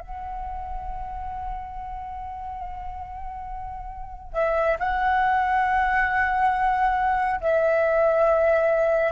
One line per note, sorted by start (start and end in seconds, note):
0.00 4.34 F#5
4.34 4.77 E5
4.80 7.41 F#5
7.41 9.12 E5